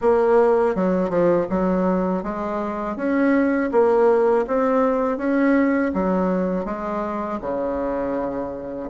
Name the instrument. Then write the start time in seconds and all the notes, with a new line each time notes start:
bassoon
0.01 A#3
0.75 F#3
1.09 F3
1.49 F#3
2.23 G#3
2.96 C#4
3.71 A#3
4.46 C4
5.17 C#4
5.93 F#3
6.65 G#3
7.41 C#3